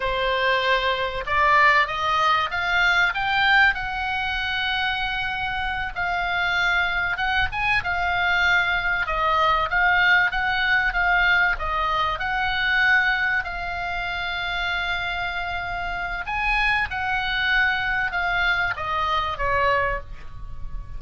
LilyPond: \new Staff \with { instrumentName = "oboe" } { \time 4/4 \tempo 4 = 96 c''2 d''4 dis''4 | f''4 g''4 fis''2~ | fis''4. f''2 fis''8 | gis''8 f''2 dis''4 f''8~ |
f''8 fis''4 f''4 dis''4 fis''8~ | fis''4. f''2~ f''8~ | f''2 gis''4 fis''4~ | fis''4 f''4 dis''4 cis''4 | }